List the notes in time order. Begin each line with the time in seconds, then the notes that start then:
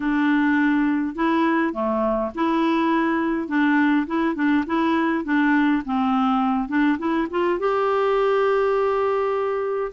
0.00 D4
1.15 E4
1.73 A3
2.35 E4
3.48 D4
4.06 E4
4.35 D4
4.66 E4
5.24 D4
5.85 C4
6.68 D4
6.98 E4
7.30 F4
7.59 G4